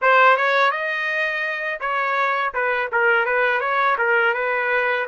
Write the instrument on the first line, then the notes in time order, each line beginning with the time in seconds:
trumpet
0.01 C5
0.36 C#5
0.71 D#5
1.80 C#5
2.54 B4
2.92 A#4
3.25 B4
3.60 C#5
3.98 A#4
4.34 B4